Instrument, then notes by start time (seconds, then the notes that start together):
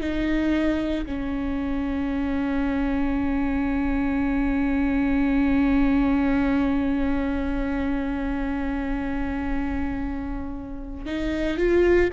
viola
0.00 D#4
1.06 C#4
11.06 D#4
11.57 F4